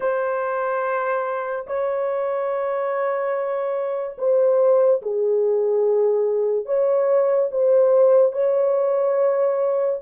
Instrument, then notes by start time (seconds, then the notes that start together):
horn
0.00 C5
1.67 C#5
4.18 C5
5.02 G#4
6.65 C#5
7.51 C5
8.32 C#5